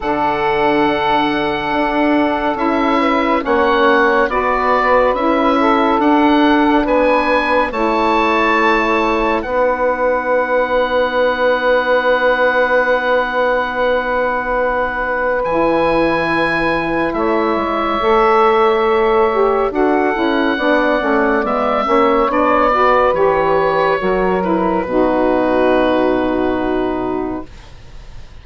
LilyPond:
<<
  \new Staff \with { instrumentName = "oboe" } { \time 4/4 \tempo 4 = 70 fis''2. e''4 | fis''4 d''4 e''4 fis''4 | gis''4 a''2 fis''4~ | fis''1~ |
fis''2 gis''2 | e''2. fis''4~ | fis''4 e''4 d''4 cis''4~ | cis''8 b'2.~ b'8 | }
  \new Staff \with { instrumentName = "saxophone" } { \time 4/4 a'2.~ a'8 b'8 | cis''4 b'4. a'4. | b'4 cis''2 b'4~ | b'1~ |
b'1 | cis''2. a'4 | d''4. cis''4 b'4. | ais'4 fis'2. | }
  \new Staff \with { instrumentName = "saxophone" } { \time 4/4 d'2. e'4 | cis'4 fis'4 e'4 d'4~ | d'4 e'2 dis'4~ | dis'1~ |
dis'2 e'2~ | e'4 a'4. g'8 fis'8 e'8 | d'8 cis'8 b8 cis'8 d'8 fis'8 g'4 | fis'8 e'8 dis'2. | }
  \new Staff \with { instrumentName = "bassoon" } { \time 4/4 d2 d'4 cis'4 | ais4 b4 cis'4 d'4 | b4 a2 b4~ | b1~ |
b2 e2 | a8 gis8 a2 d'8 cis'8 | b8 a8 gis8 ais8 b4 e4 | fis4 b,2. | }
>>